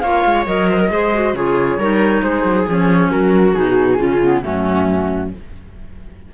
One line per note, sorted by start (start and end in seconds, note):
0.00 0.25 A#3
0.00 0.46 F4
0.00 0.69 C#5
0.00 0.44 F5
0.25 0.47 G#3
0.46 0.90 F#3
0.46 0.90 A#4
0.46 1.35 D#5
0.69 0.80 C5
0.80 0.91 A#4
0.90 1.34 G#3
0.90 1.12 G#4
0.90 1.36 C5
1.14 1.35 F#4
1.34 1.77 C#3
1.34 1.80 F4
1.34 1.79 G#4
1.34 2.22 C#5
1.77 2.21 G3
1.77 2.68 D#4
1.77 2.24 A#4
2.22 2.43 G#3
2.22 3.11 G#4
2.22 2.66 C5
2.43 2.65 F#3
2.68 3.12 F3
2.68 3.54 C#4
2.68 3.10 C#5
3.10 3.56 F#3
3.10 3.99 F#4
3.10 3.54 A#4
3.54 3.99 B2
3.54 3.98 D#4
3.54 4.42 G#4
3.98 4.43 C#3
3.98 4.20 C#4
3.98 4.43 F4
4.23 4.42 B3
4.42 5.34 F#2
4.42 5.31 A3
4.42 5.32 C#4
4.42 5.31 F#4